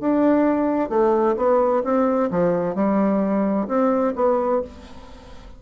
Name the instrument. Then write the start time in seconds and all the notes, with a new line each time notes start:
bassoon
0.00 D4
0.89 A3
1.37 B3
1.84 C4
2.31 F3
2.75 G3
3.68 C4
4.15 B3